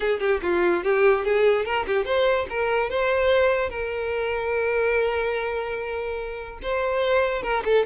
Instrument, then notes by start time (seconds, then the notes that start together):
violin
0.00 G#4
0.20 G4
0.42 F4
0.83 G4
1.24 G#4
1.65 A#4
1.86 G4
2.05 C5
2.49 A#4
2.90 C5
3.69 A#4
6.62 C5
7.42 A#4
7.65 A4